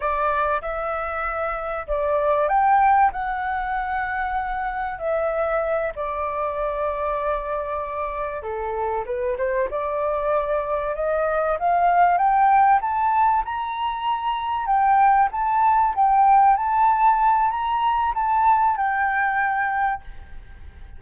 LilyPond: \new Staff \with { instrumentName = "flute" } { \time 4/4 \tempo 4 = 96 d''4 e''2 d''4 | g''4 fis''2. | e''4. d''2~ d''8~ | d''4. a'4 b'8 c''8 d''8~ |
d''4. dis''4 f''4 g''8~ | g''8 a''4 ais''2 g''8~ | g''8 a''4 g''4 a''4. | ais''4 a''4 g''2 | }